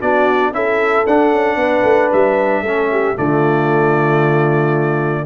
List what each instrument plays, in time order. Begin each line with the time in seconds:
0.00 tuba B3, trombone D4, horn F#4, trumpet D5
0.52 tuba C#4, trombone E4, horn A4, trumpet E5
1.06 tuba D4, trombone D4, trumpet F#5
1.32 tuba C#4
1.55 tuba B3, horn B4
1.83 tuba A3
2.12 tuba G3, trumpet E5
2.61 tuba A3, trombone C#4, horn A4
2.91 horn G4
3.15 tuba D3, trombone A3, horn F4, trumpet D5